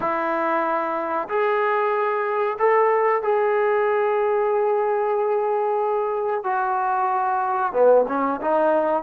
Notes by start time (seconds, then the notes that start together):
0.00 E4
1.28 G#4
2.58 A4
3.22 G#4
6.43 F#4
7.72 B3
8.08 C#4
8.41 D#4